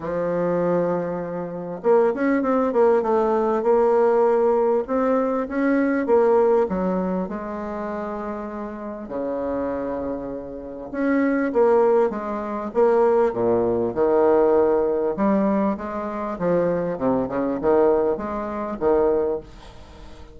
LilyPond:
\new Staff \with { instrumentName = "bassoon" } { \time 4/4 \tempo 4 = 99 f2. ais8 cis'8 | c'8 ais8 a4 ais2 | c'4 cis'4 ais4 fis4 | gis2. cis4~ |
cis2 cis'4 ais4 | gis4 ais4 ais,4 dis4~ | dis4 g4 gis4 f4 | c8 cis8 dis4 gis4 dis4 | }